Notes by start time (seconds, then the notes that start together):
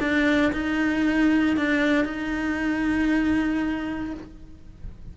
0.00 D4
0.53 D#4
1.57 D4
2.05 D#4